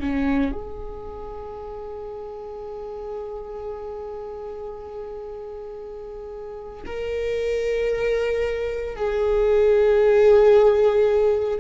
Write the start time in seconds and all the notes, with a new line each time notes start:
0.00 C#4
0.52 G#4
6.86 A#4
8.96 G#4